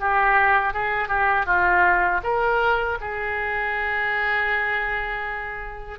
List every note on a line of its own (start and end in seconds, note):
0.00 0.74 G4
0.74 1.08 G#4
1.08 1.46 G4
1.46 2.21 F4
2.24 2.99 A#4
3.01 5.99 G#4